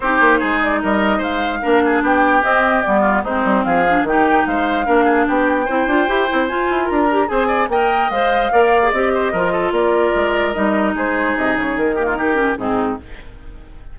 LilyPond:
<<
  \new Staff \with { instrumentName = "flute" } { \time 4/4 \tempo 4 = 148 c''4. d''8 dis''4 f''4~ | f''4 g''4 dis''4 d''4 | c''4 f''4 g''4 f''4~ | f''4 g''2. |
gis''4 ais''4 gis''4 g''4 | f''2 dis''2 | d''2 dis''4 c''4 | dis''8 cis''8 ais'2 gis'4 | }
  \new Staff \with { instrumentName = "oboe" } { \time 4/4 g'4 gis'4 ais'4 c''4 | ais'8 gis'8 g'2~ g'8 f'8 | dis'4 gis'4 g'4 c''4 | ais'8 gis'8 g'4 c''2~ |
c''4 ais'4 c''8 d''8 dis''4~ | dis''4 d''4. c''8 ais'8 a'8 | ais'2. gis'4~ | gis'4. g'16 f'16 g'4 dis'4 | }
  \new Staff \with { instrumentName = "clarinet" } { \time 4/4 dis'1 | d'2 c'4 b4 | c'4. d'8 dis'2 | d'2 e'8 f'8 g'8 e'8 |
f'4. g'8 gis'4 ais'4 | c''4 ais'8. gis'16 g'4 f'4~ | f'2 dis'2~ | dis'4. ais8 dis'8 cis'8 c'4 | }
  \new Staff \with { instrumentName = "bassoon" } { \time 4/4 c'8 ais8 gis4 g4 gis4 | ais4 b4 c'4 g4 | gis8 g8 f4 dis4 gis4 | ais4 b4 c'8 d'8 e'8 c'8 |
f'8 e'8 d'4 c'4 ais4 | gis4 ais4 c'4 f4 | ais4 gis4 g4 gis4 | c8 cis8 dis2 gis,4 | }
>>